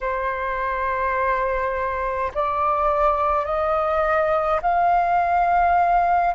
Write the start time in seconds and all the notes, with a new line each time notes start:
0.01 C5
2.34 D5
3.45 D#5
4.62 F5